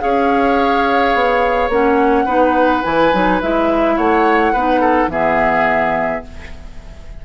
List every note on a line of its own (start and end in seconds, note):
0.00 1.15 C#4
0.00 1.70 G#4
0.00 2.26 C#5
0.00 1.71 F5
1.15 1.69 B3
1.69 2.26 A#3
1.69 2.28 C#4
1.69 2.84 F#5
2.26 2.83 B3
2.26 2.83 D#4
2.26 3.96 B4
2.83 3.14 E3
2.83 3.11 E4
2.83 3.40 G#5
3.13 3.42 F#3
3.13 3.41 D#4
3.42 3.98 G#3
3.42 4.56 E4
3.42 3.98 E5
3.97 4.54 A3
3.97 4.53 C#5
3.97 5.11 F#5
4.53 5.07 B3
4.53 5.10 D#4
4.53 4.81 B4
4.81 5.09 A4
5.07 6.21 E3
5.07 6.24 B3
5.07 6.25 G#4
5.07 6.25 E5